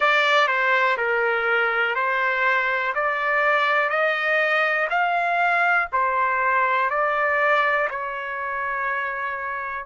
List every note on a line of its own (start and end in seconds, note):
0.00 0.47 D5
0.47 0.97 C5
0.97 1.95 A#4
1.95 2.93 C5
2.95 3.89 D5
3.89 4.87 D#5
4.90 5.88 F5
5.92 6.89 C5
6.89 7.88 D5
7.90 9.86 C#5